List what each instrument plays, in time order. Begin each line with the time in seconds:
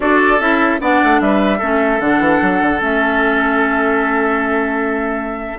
0.00 bassoon D4, clarinet F#4, oboe A4, flute D5
0.39 bassoon C#4, clarinet E4, flute E5
0.79 bassoon B3, clarinet D4, oboe D5, flute F#5
1.03 bassoon A3
1.20 bassoon G3, oboe B4, flute E5
1.58 bassoon A3, clarinet C#4, oboe A4
2.00 bassoon D3, clarinet D4, flute F#5
2.19 bassoon E3
2.41 bassoon F#3
2.61 bassoon D3
2.79 bassoon A3, clarinet C#4, flute E5